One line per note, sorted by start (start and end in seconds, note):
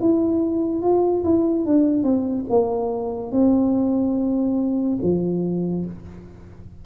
0.00 0.81 E4
0.81 1.23 F4
1.24 1.65 E4
1.65 2.03 D4
2.03 2.45 C4
2.49 3.32 A#3
3.32 4.98 C4
5.02 5.85 F3